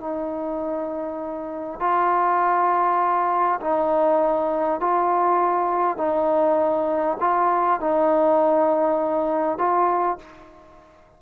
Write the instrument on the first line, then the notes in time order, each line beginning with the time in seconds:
trombone
0.00 D#4
1.80 F4
3.61 D#4
4.80 F4
5.98 D#4
7.20 F4
7.80 D#4
9.58 F4